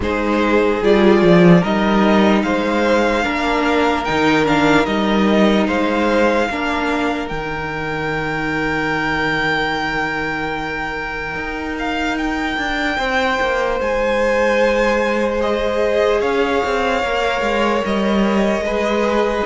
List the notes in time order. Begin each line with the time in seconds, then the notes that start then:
0.00 G#3 D#4 G#4 C5
0.81 G3 F4 D5
1.21 F3
1.61 G3 D#4 A#4 D#5
2.43 G#3 C5 F5
3.23 A#3 D4 A#4
4.04 D#3 D#4 G5
4.45 D4 F5
4.85 G3 D#4 D#5
5.67 G#3 C5 F5
6.49 A#3 D4 A#4
7.28 D#3 D#4 G5
11.34 D#4
11.79 F5
12.17 G5
12.57 D4
12.96 C4 C5
13.41 A#3
13.80 G#3 G#5
15.40 G#4 D#5
16.20 C#4 C#5 F5
16.64 C4
17.03 A#3 A#4
17.41 G#3
17.85 G3 D#5
18.60 G#3 G#4 B4